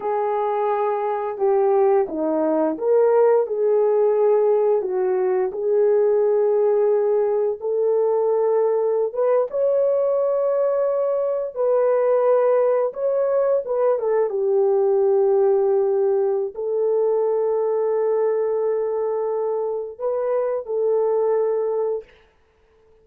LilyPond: \new Staff \with { instrumentName = "horn" } { \time 4/4 \tempo 4 = 87 gis'2 g'4 dis'4 | ais'4 gis'2 fis'4 | gis'2. a'4~ | a'4~ a'16 b'8 cis''2~ cis''16~ |
cis''8. b'2 cis''4 b'16~ | b'16 a'8 g'2.~ g'16 | a'1~ | a'4 b'4 a'2 | }